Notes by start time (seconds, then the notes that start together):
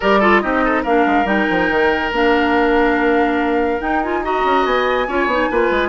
0.00 G3 G4 A#4 D5
0.19 F4 A4
0.40 C4 D#4 G4 D#5
0.64 A4
0.82 A#3 D4 A#4 F5
1.06 G#3
1.24 G3 D#4 G5
1.49 F3
1.69 D#3
2.11 A#3 D4 F5
3.80 D#4 G5
4.02 F4 G#5
4.23 F#4 D#5 A#5
4.44 C#4
4.65 B3 G#5
5.07 C#4 F4 C#5
5.26 B3 D#4
5.51 A#3 F4 B4
5.70 G#3